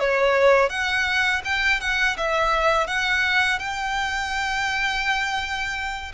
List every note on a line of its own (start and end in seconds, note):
0.00 0.70 C#5
0.70 1.42 F#5
1.45 1.81 G5
1.81 2.17 F#5
2.17 2.88 E5
2.88 3.59 F#5
3.59 6.12 G5